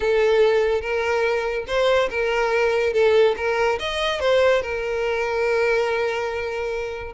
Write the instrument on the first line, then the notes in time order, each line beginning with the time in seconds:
violin
0.00 A4
0.81 A#4
1.67 C5
2.10 A#4
2.93 A4
3.37 A#4
3.79 D#5
4.20 C5
4.62 A#4